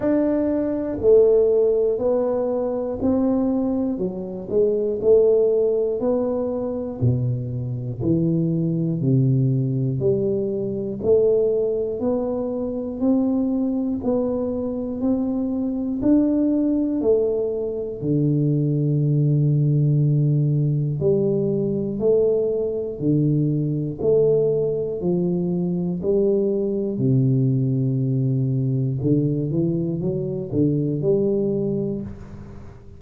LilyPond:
\new Staff \with { instrumentName = "tuba" } { \time 4/4 \tempo 4 = 60 d'4 a4 b4 c'4 | fis8 gis8 a4 b4 b,4 | e4 c4 g4 a4 | b4 c'4 b4 c'4 |
d'4 a4 d2~ | d4 g4 a4 d4 | a4 f4 g4 c4~ | c4 d8 e8 fis8 d8 g4 | }